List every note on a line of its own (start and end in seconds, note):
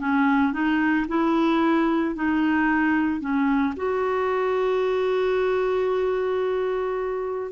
0.00 0.53 C#4
0.53 1.07 D#4
1.08 2.15 E4
2.15 3.21 D#4
3.21 3.75 C#4
3.77 7.52 F#4